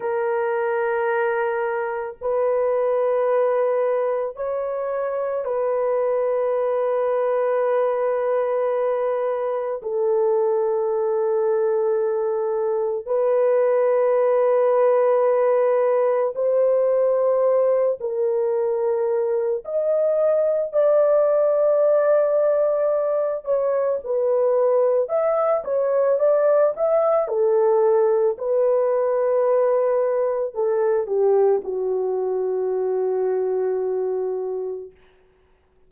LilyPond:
\new Staff \with { instrumentName = "horn" } { \time 4/4 \tempo 4 = 55 ais'2 b'2 | cis''4 b'2.~ | b'4 a'2. | b'2. c''4~ |
c''8 ais'4. dis''4 d''4~ | d''4. cis''8 b'4 e''8 cis''8 | d''8 e''8 a'4 b'2 | a'8 g'8 fis'2. | }